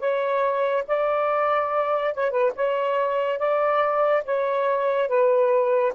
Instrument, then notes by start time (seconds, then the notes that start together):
saxophone
0.00 C#5
0.88 D5
2.15 C#5
2.31 B4
2.56 C#5
3.39 D5
4.26 C#5
5.09 B4